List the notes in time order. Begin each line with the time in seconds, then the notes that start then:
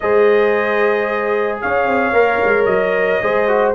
0.00 G#3 G#4 C5 D#5
1.61 C#4 C#5 F5
1.87 C4
2.12 A#3 A#4
2.44 G#3
2.65 F#3 D#5
3.22 G#3 G#4 C5
3.47 F#4